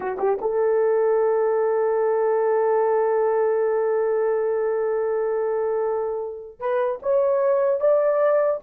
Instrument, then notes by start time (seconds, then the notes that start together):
horn
0.00 F#4
0.19 G4
0.41 A4
6.59 B4
7.02 C#5
7.80 D5